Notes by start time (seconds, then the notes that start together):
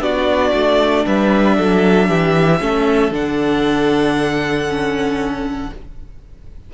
0.00 B3 D4 F#4 D5
0.54 A3
1.05 G3 B4 E5
1.57 F#3 A4
2.08 E3 G4
2.60 A3 C#4 A4
3.11 D3 D4 F#5
4.68 C#4